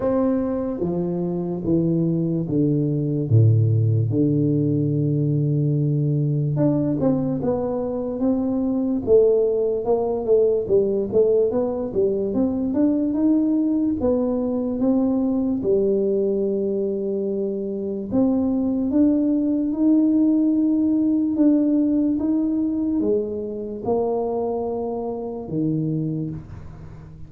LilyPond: \new Staff \with { instrumentName = "tuba" } { \time 4/4 \tempo 4 = 73 c'4 f4 e4 d4 | a,4 d2. | d'8 c'8 b4 c'4 a4 | ais8 a8 g8 a8 b8 g8 c'8 d'8 |
dis'4 b4 c'4 g4~ | g2 c'4 d'4 | dis'2 d'4 dis'4 | gis4 ais2 dis4 | }